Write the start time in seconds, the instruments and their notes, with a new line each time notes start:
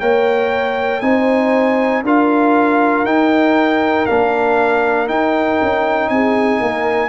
0.00 tuba A#3, trombone A#4, horn C#5, trumpet G5
1.00 tuba C4, trombone D#4, horn C5, trumpet G#5
2.03 tuba D4, trombone F4, horn A#4, trumpet F5
3.04 tuba D#4, trombone D#4, trumpet G5
4.06 tuba A#3, trombone D4, trumpet F5
5.07 trombone D#4, tuba D#4, trumpet G5
5.62 tuba C#4
6.09 tuba C4, horn G#4, trumpet G#5
6.60 tuba A#3, horn A#4